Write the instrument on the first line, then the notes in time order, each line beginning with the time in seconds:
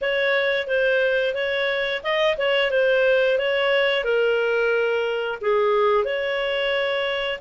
clarinet
0.01 C#5
0.67 C5
1.34 C#5
2.03 D#5
2.37 C#5
2.71 C5
3.38 C#5
4.04 A#4
5.41 G#4
6.04 C#5